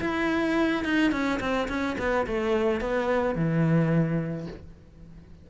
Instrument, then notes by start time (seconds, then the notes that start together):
cello
0.00 E4
0.84 D#4
1.11 C#4
1.40 C4
1.68 C#4
1.98 B3
2.27 A3
2.81 B3
3.35 E3